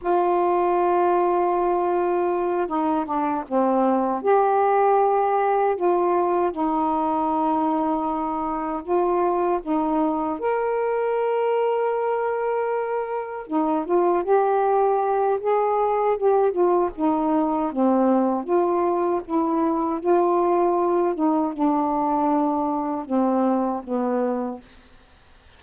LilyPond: \new Staff \with { instrumentName = "saxophone" } { \time 4/4 \tempo 4 = 78 f'2.~ f'8 dis'8 | d'8 c'4 g'2 f'8~ | f'8 dis'2. f'8~ | f'8 dis'4 ais'2~ ais'8~ |
ais'4. dis'8 f'8 g'4. | gis'4 g'8 f'8 dis'4 c'4 | f'4 e'4 f'4. dis'8 | d'2 c'4 b4 | }